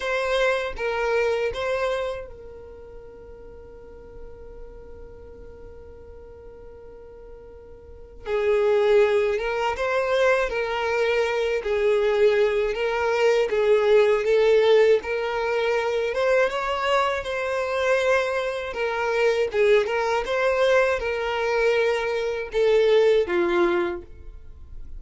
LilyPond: \new Staff \with { instrumentName = "violin" } { \time 4/4 \tempo 4 = 80 c''4 ais'4 c''4 ais'4~ | ais'1~ | ais'2. gis'4~ | gis'8 ais'8 c''4 ais'4. gis'8~ |
gis'4 ais'4 gis'4 a'4 | ais'4. c''8 cis''4 c''4~ | c''4 ais'4 gis'8 ais'8 c''4 | ais'2 a'4 f'4 | }